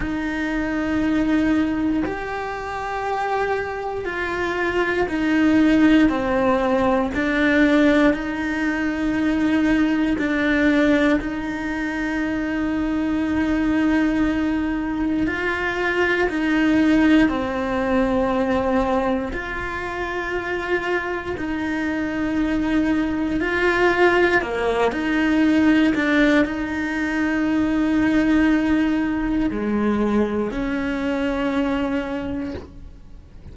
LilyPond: \new Staff \with { instrumentName = "cello" } { \time 4/4 \tempo 4 = 59 dis'2 g'2 | f'4 dis'4 c'4 d'4 | dis'2 d'4 dis'4~ | dis'2. f'4 |
dis'4 c'2 f'4~ | f'4 dis'2 f'4 | ais8 dis'4 d'8 dis'2~ | dis'4 gis4 cis'2 | }